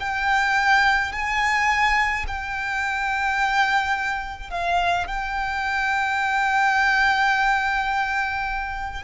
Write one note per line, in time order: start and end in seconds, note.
0.00 1.12 G5
1.12 2.25 G#5
2.27 4.51 G5
4.51 5.07 F5
5.07 9.04 G5